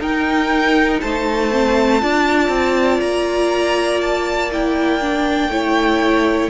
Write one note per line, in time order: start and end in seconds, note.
0.00 1.00 D#4
0.00 1.51 D#4
0.00 1.01 A#4
0.00 1.01 G5
1.01 2.03 A3
1.01 2.02 C5
1.01 3.01 A5
1.51 2.01 C4
2.01 2.49 D4
2.01 4.51 F4
2.01 5.51 D5
2.49 2.99 C4
3.01 5.49 A#3
3.01 4.01 A#5
4.01 4.51 A5
4.52 5.02 E4
4.52 6.50 G5
5.02 5.51 D4
5.49 6.49 A3
5.49 6.50 E4
5.49 6.50 C#5